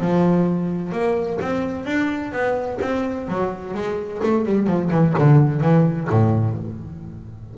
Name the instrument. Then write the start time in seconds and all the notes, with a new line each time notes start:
double bass
0.00 F3
0.92 A#3
1.41 C4
1.85 D4
2.32 B3
2.81 C4
3.28 F#3
3.74 G#3
4.22 A3
4.45 G3
4.66 F3
4.90 E3
5.18 D3
5.61 E3
6.09 A2